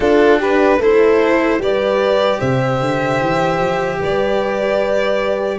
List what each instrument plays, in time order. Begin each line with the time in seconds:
0.00 tuba D4, cello D4, horn F4, violin A4
0.39 horn G4, violin B4
0.77 tuba A3, cello E4, horn A4, violin C5
1.58 tuba G3, cello G4, horn B4, violin D5
2.39 tuba C3, horn C5, violin E5
2.81 tuba D3
3.21 tuba E3
3.59 tuba F3
3.99 tuba G3, horn B4, violin D5